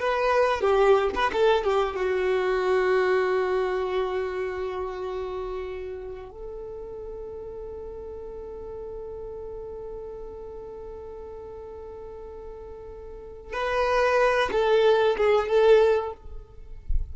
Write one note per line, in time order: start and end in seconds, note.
0.00 0.61 B4
0.61 1.10 G4
1.15 1.31 B4
1.33 1.64 A4
1.64 1.96 G4
1.96 6.30 F#4
6.30 13.53 A4
13.53 14.50 B4
14.52 15.16 A4
15.18 15.48 G#4
15.48 16.13 A4